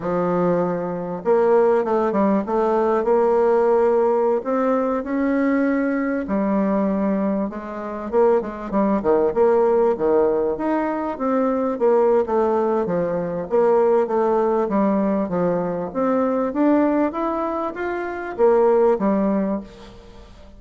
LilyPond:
\new Staff \with { instrumentName = "bassoon" } { \time 4/4 \tempo 4 = 98 f2 ais4 a8 g8 | a4 ais2~ ais16 c'8.~ | c'16 cis'2 g4.~ g16~ | g16 gis4 ais8 gis8 g8 dis8 ais8.~ |
ais16 dis4 dis'4 c'4 ais8. | a4 f4 ais4 a4 | g4 f4 c'4 d'4 | e'4 f'4 ais4 g4 | }